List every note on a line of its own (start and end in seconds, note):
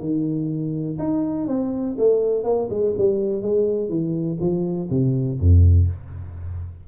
0.00 0.98 D#3
0.99 1.47 D#4
1.47 1.96 C4
1.98 2.44 A3
2.44 2.69 A#3
2.70 2.94 G#3
2.98 3.42 G3
3.42 3.89 G#3
3.89 4.38 E3
4.40 4.89 F3
4.90 5.39 C3
5.39 5.88 F2